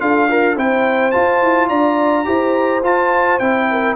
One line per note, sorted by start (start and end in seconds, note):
0.00 0.57 D4
0.00 0.28 F4
0.00 0.29 A4
0.00 0.57 F5
0.29 0.56 F4
0.29 0.56 A#4
0.56 1.14 C4
0.56 1.12 E4
0.56 1.69 C5
0.56 1.11 G5
1.11 2.25 F4
1.11 1.43 F4
1.11 1.68 A5
1.43 1.70 E4
1.69 2.27 D4
1.69 2.25 D5
1.69 2.82 A#5
2.25 2.83 E4
2.25 2.81 G4
2.25 3.69 C5
2.83 3.40 F4
2.83 3.39 A5
3.39 3.96 C4
3.39 3.96 E4
3.39 3.96 G5
3.70 3.96 A#4